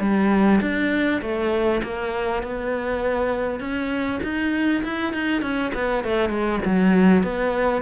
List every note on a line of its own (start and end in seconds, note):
0.00 0.60 G3
0.61 1.21 D4
1.21 1.81 A3
1.83 2.43 A#3
2.43 3.60 B3
3.60 4.20 C#4
4.23 4.83 D#4
4.84 5.13 E4
5.13 5.42 D#4
5.42 5.72 C#4
5.74 6.04 B3
6.04 6.29 A3
6.29 6.59 G#3
6.65 7.24 F#3
7.24 7.82 B3